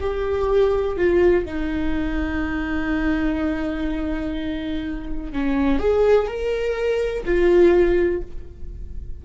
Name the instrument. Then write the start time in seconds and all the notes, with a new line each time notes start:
viola
0.00 G4
0.97 F4
1.45 D#4
5.32 C#4
5.79 G#4
6.27 A#4
7.25 F4